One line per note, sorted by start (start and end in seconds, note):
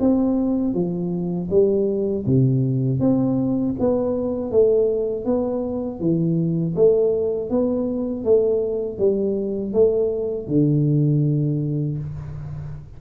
0.00 0.74 C4
0.74 1.49 F3
1.50 2.25 G3
2.26 3.00 C3
3.00 3.75 C4
3.79 4.51 B3
4.51 5.25 A3
5.25 6.00 B3
6.00 6.75 E3
6.75 7.50 A3
7.50 8.24 B3
8.24 8.99 A3
8.99 9.73 G3
9.73 10.47 A3
10.47 11.97 D3